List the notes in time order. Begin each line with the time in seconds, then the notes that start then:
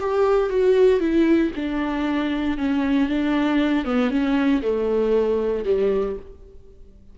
0.00 G4
0.49 F#4
1.00 E4
1.56 D4
2.58 C#4
3.09 D4
3.85 B3
4.10 C#4
4.62 A3
5.65 G3